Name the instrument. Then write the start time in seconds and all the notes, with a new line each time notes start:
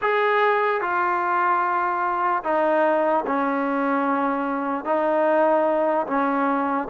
trombone
0.01 G#4
0.81 F4
2.43 D#4
3.26 C#4
4.84 D#4
6.07 C#4